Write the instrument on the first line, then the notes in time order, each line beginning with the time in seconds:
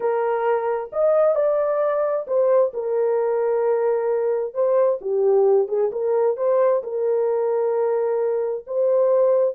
horn
0.00 A#4
0.92 D#5
1.35 D5
2.27 C5
2.73 A#4
4.53 C5
5.01 G4
5.68 G#4
5.92 A#4
6.36 C5
6.83 A#4
8.67 C5